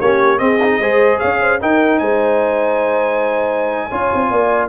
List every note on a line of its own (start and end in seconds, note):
0.00 0.40 A#3
0.00 0.38 C#4
0.00 0.40 G4
0.00 0.38 C#5
0.38 0.58 C4
0.38 0.79 C4
0.38 0.80 G#4
0.38 1.18 D#5
0.63 0.82 D#4
0.79 1.19 G#3
0.79 1.60 G#4
0.79 1.19 C5
1.19 1.61 C#4
1.19 1.39 C#5
1.19 1.59 F5
1.40 1.60 C5
1.60 3.90 D#4
1.60 2.00 D#4
1.60 2.00 A#4
1.60 1.99 G5
1.99 3.90 G#3
1.99 3.89 C5
1.99 4.68 G#5
3.89 4.11 C#4
3.89 4.68 F4
3.89 4.29 C#5
4.14 4.30 C4
4.30 4.68 A#3
4.30 4.68 D5